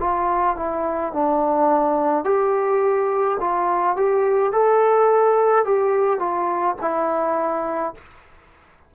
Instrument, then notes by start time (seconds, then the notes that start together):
trombone
0.00 F4
0.57 E4
1.13 D4
2.25 G4
3.40 F4
3.97 G4
4.53 A4
5.65 G4
6.20 F4
6.82 E4